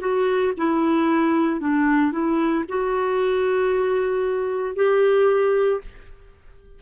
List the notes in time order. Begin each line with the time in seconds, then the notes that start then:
0.00 F#4
0.57 E4
1.60 D4
2.12 E4
2.68 F#4
4.76 G4